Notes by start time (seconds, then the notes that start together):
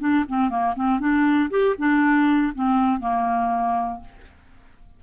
0.00 D4
0.29 C4
0.50 A#3
0.76 C4
1.00 D4
1.50 G4
1.78 D4
2.55 C4
3.00 A#3